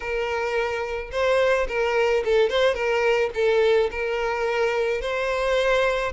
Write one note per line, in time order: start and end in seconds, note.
0.00 1.10 A#4
1.11 1.67 C5
1.67 2.23 A#4
2.24 2.49 A4
2.49 2.74 C5
2.74 3.30 A#4
3.34 3.89 A4
3.91 5.01 A#4
5.01 6.12 C5